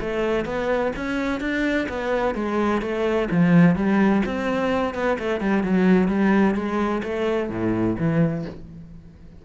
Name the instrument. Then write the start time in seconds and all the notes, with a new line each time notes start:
cello
0.00 A3
0.45 B3
0.96 C#4
1.40 D4
1.89 B3
2.35 G#3
2.81 A3
3.31 F3
3.75 G3
4.25 C4
4.94 B3
5.19 A3
5.40 G3
5.63 F#3
6.08 G3
6.55 G#3
7.03 A3
7.49 A2
7.98 E3